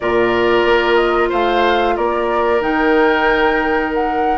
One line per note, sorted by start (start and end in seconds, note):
0.00 0.65 A#2
0.00 2.60 F4
0.00 1.29 A#4
0.00 0.95 D5
0.65 1.30 A#3
0.95 1.27 D#5
1.29 1.97 A3
1.29 1.94 C5
1.29 1.96 F5
1.96 2.60 A#3
1.96 4.38 A#4
1.96 2.61 D5
2.60 4.38 D#3
2.60 4.38 D#4
2.60 3.92 G5
3.93 4.38 F#5